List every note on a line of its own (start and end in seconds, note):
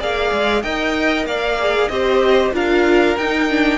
0.00 0.32 A#3
0.00 0.63 G#4
0.00 0.63 D5
0.00 0.63 F5
0.33 0.64 G#3
0.63 1.26 D#4
0.63 1.59 A#4
0.63 1.28 D#5
0.63 1.26 G5
1.26 1.89 A#3
1.26 1.92 D5
1.26 1.89 F5
1.60 1.91 G#4
1.89 2.53 C4
1.89 2.53 G4
1.89 2.55 C5
1.89 2.52 D#5
2.53 3.17 D4
2.53 3.16 F4
2.53 3.79 A#4
2.53 3.18 F5
3.17 3.79 D#4
3.17 3.50 D#4
3.17 3.79 G5
3.50 3.79 D4